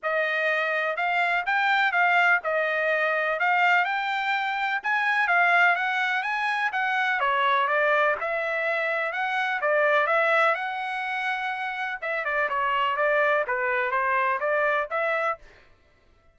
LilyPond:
\new Staff \with { instrumentName = "trumpet" } { \time 4/4 \tempo 4 = 125 dis''2 f''4 g''4 | f''4 dis''2 f''4 | g''2 gis''4 f''4 | fis''4 gis''4 fis''4 cis''4 |
d''4 e''2 fis''4 | d''4 e''4 fis''2~ | fis''4 e''8 d''8 cis''4 d''4 | b'4 c''4 d''4 e''4 | }